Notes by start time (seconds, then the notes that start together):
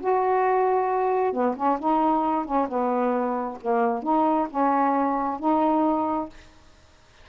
0.00 F#4
1.32 B3
1.56 C#4
1.79 D#4
2.45 C#4
2.68 B3
3.61 A#3
4.02 D#4
4.50 C#4
5.39 D#4